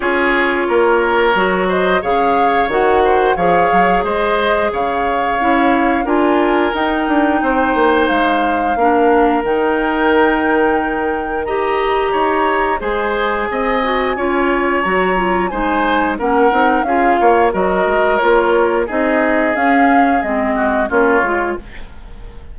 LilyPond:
<<
  \new Staff \with { instrumentName = "flute" } { \time 4/4 \tempo 4 = 89 cis''2~ cis''8 dis''8 f''4 | fis''4 f''4 dis''4 f''4~ | f''4 gis''4 g''2 | f''2 g''2~ |
g''4 ais''2 gis''4~ | gis''2 ais''4 gis''4 | fis''4 f''4 dis''4 cis''4 | dis''4 f''4 dis''4 cis''4 | }
  \new Staff \with { instrumentName = "oboe" } { \time 4/4 gis'4 ais'4. c''8 cis''4~ | cis''8 c''8 cis''4 c''4 cis''4~ | cis''4 ais'2 c''4~ | c''4 ais'2.~ |
ais'4 dis''4 cis''4 c''4 | dis''4 cis''2 c''4 | ais'4 gis'8 cis''8 ais'2 | gis'2~ gis'8 fis'8 f'4 | }
  \new Staff \with { instrumentName = "clarinet" } { \time 4/4 f'2 fis'4 gis'4 | fis'4 gis'2. | e'4 f'4 dis'2~ | dis'4 d'4 dis'2~ |
dis'4 g'2 gis'4~ | gis'8 fis'8 f'4 fis'8 f'8 dis'4 | cis'8 dis'8 f'4 fis'4 f'4 | dis'4 cis'4 c'4 cis'8 f'8 | }
  \new Staff \with { instrumentName = "bassoon" } { \time 4/4 cis'4 ais4 fis4 cis4 | dis4 f8 fis8 gis4 cis4 | cis'4 d'4 dis'8 d'8 c'8 ais8 | gis4 ais4 dis2~ |
dis2 dis'4 gis4 | c'4 cis'4 fis4 gis4 | ais8 c'8 cis'8 ais8 fis8 gis8 ais4 | c'4 cis'4 gis4 ais8 gis8 | }
>>